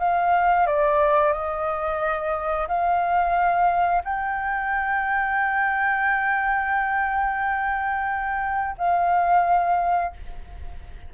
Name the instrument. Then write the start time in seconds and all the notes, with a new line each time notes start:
flute
0.00 F5
0.67 D5
1.33 D#5
2.68 F5
4.05 G5
8.78 F5